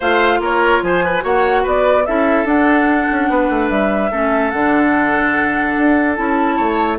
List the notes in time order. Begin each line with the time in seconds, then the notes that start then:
0.00 A3 F4 C5 F5
0.39 A#3 A#4 C#5
0.82 F3 C5 G#5
1.04 B4
1.20 A#3 F#4 C#5 F#5
1.62 B3 B4 D5
2.05 C#4 E4 A4 E5
2.44 D4 F#5
3.11 C#4
3.29 B3 B4
3.49 A3
3.69 G3 E5
4.11 A3 C#4 A4
4.50 D3 D4 F#5
5.77 D4
6.15 C#4 E4 A5
6.56 A3 C#5